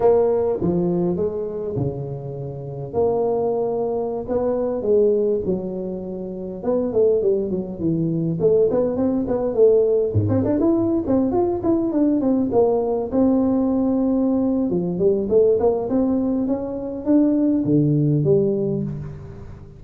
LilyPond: \new Staff \with { instrumentName = "tuba" } { \time 4/4 \tempo 4 = 102 ais4 f4 gis4 cis4~ | cis4 ais2~ ais16 b8.~ | b16 gis4 fis2 b8 a16~ | a16 g8 fis8 e4 a8 b8 c'8 b16~ |
b16 a4 gis,16 c'16 d'16 e'8. c'8 f'8 e'16~ | e'16 d'8 c'8 ais4 c'4.~ c'16~ | c'4 f8 g8 a8 ais8 c'4 | cis'4 d'4 d4 g4 | }